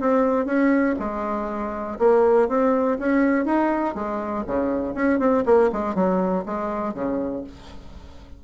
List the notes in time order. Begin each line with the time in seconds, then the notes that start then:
0.00 C4
0.45 C#4
0.99 G#3
1.99 A#3
2.48 C4
2.98 C#4
3.45 D#4
3.95 G#3
4.47 C#3
4.94 C#4
5.19 C4
5.45 A#3
5.72 G#3
5.95 F#3
6.45 G#3
6.94 C#3